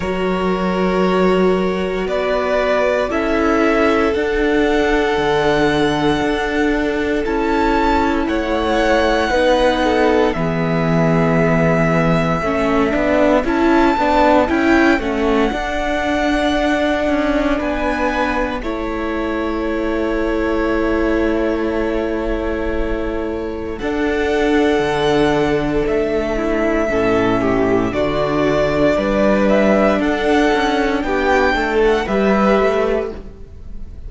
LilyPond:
<<
  \new Staff \with { instrumentName = "violin" } { \time 4/4 \tempo 4 = 58 cis''2 d''4 e''4 | fis''2. a''4 | fis''2 e''2~ | e''4 a''4 g''8 fis''4.~ |
fis''4 gis''4 a''2~ | a''2. fis''4~ | fis''4 e''2 d''4~ | d''8 e''8 fis''4 g''8. fis''16 e''4 | }
  \new Staff \with { instrumentName = "violin" } { \time 4/4 ais'2 b'4 a'4~ | a'1 | cis''4 b'8 a'8 gis'2 | a'1~ |
a'4 b'4 cis''2~ | cis''2. a'4~ | a'4. e'8 a'8 g'8 fis'4 | b'4 a'4 g'8 a'8 b'4 | }
  \new Staff \with { instrumentName = "viola" } { \time 4/4 fis'2. e'4 | d'2. e'4~ | e'4 dis'4 b2 | cis'8 d'8 e'8 d'8 e'8 cis'8 d'4~ |
d'2 e'2~ | e'2. d'4~ | d'2 cis'4 d'4~ | d'2. g'4 | }
  \new Staff \with { instrumentName = "cello" } { \time 4/4 fis2 b4 cis'4 | d'4 d4 d'4 cis'4 | a4 b4 e2 | a8 b8 cis'8 b8 cis'8 a8 d'4~ |
d'8 cis'8 b4 a2~ | a2. d'4 | d4 a4 a,4 d4 | g4 d'8 cis'8 b8 a8 g8 a8 | }
>>